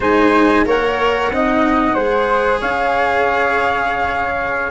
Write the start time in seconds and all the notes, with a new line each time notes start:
0.00 G#3 D#4 C5 G#5
0.65 A#3 A#4 C#5 F#5
1.31 C4 D#4 D#5
1.94 G#3 G#4 C5
2.60 C#4 C#5 F5